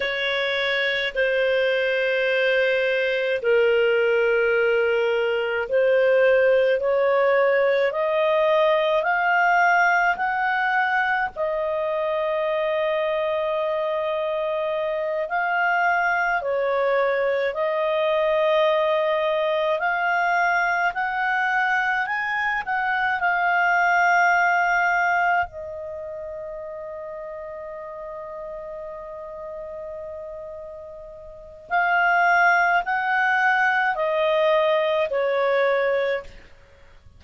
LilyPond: \new Staff \with { instrumentName = "clarinet" } { \time 4/4 \tempo 4 = 53 cis''4 c''2 ais'4~ | ais'4 c''4 cis''4 dis''4 | f''4 fis''4 dis''2~ | dis''4. f''4 cis''4 dis''8~ |
dis''4. f''4 fis''4 gis''8 | fis''8 f''2 dis''4.~ | dis''1 | f''4 fis''4 dis''4 cis''4 | }